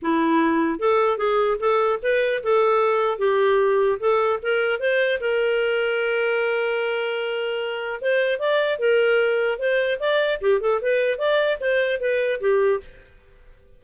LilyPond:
\new Staff \with { instrumentName = "clarinet" } { \time 4/4 \tempo 4 = 150 e'2 a'4 gis'4 | a'4 b'4 a'2 | g'2 a'4 ais'4 | c''4 ais'2.~ |
ais'1 | c''4 d''4 ais'2 | c''4 d''4 g'8 a'8 b'4 | d''4 c''4 b'4 g'4 | }